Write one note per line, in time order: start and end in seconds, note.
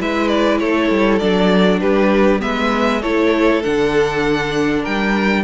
0.00 0.61 G#3
0.00 1.21 E4
0.00 0.61 B4
0.00 0.28 E5
0.28 0.58 D5
0.59 0.90 A3
0.59 1.81 A4
0.59 1.19 C#5
0.90 1.21 G3
1.19 1.81 F#3
1.19 2.40 D4
1.19 1.80 D5
1.80 2.42 G3
1.80 2.41 G4
1.80 2.41 B4
2.40 3.04 G#3
2.40 3.00 B3
2.40 3.01 B4
2.40 3.02 E5
3.01 3.64 A3
3.01 3.63 E4
3.01 4.82 A4
3.01 3.62 C#5
3.63 4.86 D3
3.63 5.44 D4
3.63 4.84 F#5
4.82 5.44 G3
4.82 5.43 A#4
4.82 5.44 G5